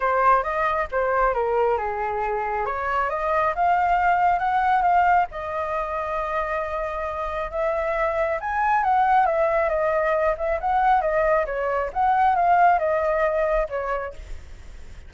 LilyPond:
\new Staff \with { instrumentName = "flute" } { \time 4/4 \tempo 4 = 136 c''4 dis''4 c''4 ais'4 | gis'2 cis''4 dis''4 | f''2 fis''4 f''4 | dis''1~ |
dis''4 e''2 gis''4 | fis''4 e''4 dis''4. e''8 | fis''4 dis''4 cis''4 fis''4 | f''4 dis''2 cis''4 | }